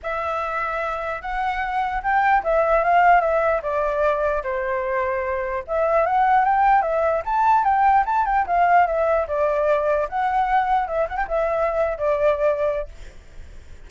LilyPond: \new Staff \with { instrumentName = "flute" } { \time 4/4 \tempo 4 = 149 e''2. fis''4~ | fis''4 g''4 e''4 f''4 | e''4 d''2 c''4~ | c''2 e''4 fis''4 |
g''4 e''4 a''4 g''4 | a''8 g''8 f''4 e''4 d''4~ | d''4 fis''2 e''8 fis''16 g''16 | e''4.~ e''16 d''2~ d''16 | }